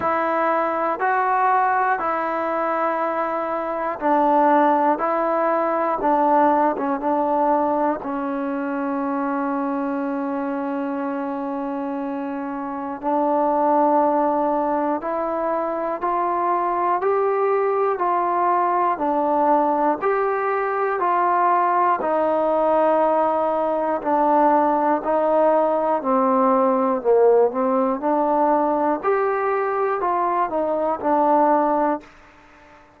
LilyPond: \new Staff \with { instrumentName = "trombone" } { \time 4/4 \tempo 4 = 60 e'4 fis'4 e'2 | d'4 e'4 d'8. cis'16 d'4 | cis'1~ | cis'4 d'2 e'4 |
f'4 g'4 f'4 d'4 | g'4 f'4 dis'2 | d'4 dis'4 c'4 ais8 c'8 | d'4 g'4 f'8 dis'8 d'4 | }